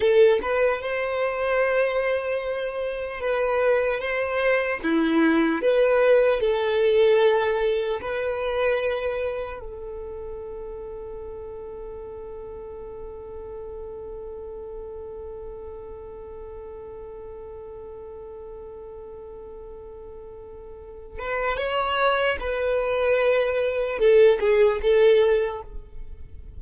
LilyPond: \new Staff \with { instrumentName = "violin" } { \time 4/4 \tempo 4 = 75 a'8 b'8 c''2. | b'4 c''4 e'4 b'4 | a'2 b'2 | a'1~ |
a'1~ | a'1~ | a'2~ a'8 b'8 cis''4 | b'2 a'8 gis'8 a'4 | }